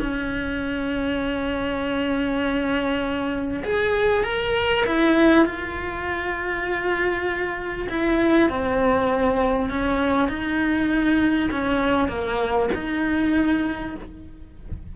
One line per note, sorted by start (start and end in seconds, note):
0.00 3.64 C#4
3.64 4.24 G#4
4.24 4.85 A#4
4.87 5.46 E4
5.46 7.88 F4
7.90 8.50 E4
8.50 9.70 C4
9.70 10.29 C#4
10.29 11.50 D#4
11.51 12.09 C#4
12.09 12.70 A#3
12.74 13.96 D#4